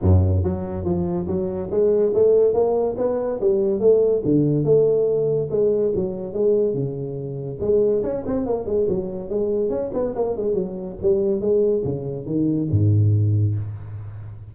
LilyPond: \new Staff \with { instrumentName = "tuba" } { \time 4/4 \tempo 4 = 142 fis,4 fis4 f4 fis4 | gis4 a4 ais4 b4 | g4 a4 d4 a4~ | a4 gis4 fis4 gis4 |
cis2 gis4 cis'8 c'8 | ais8 gis8 fis4 gis4 cis'8 b8 | ais8 gis8 fis4 g4 gis4 | cis4 dis4 gis,2 | }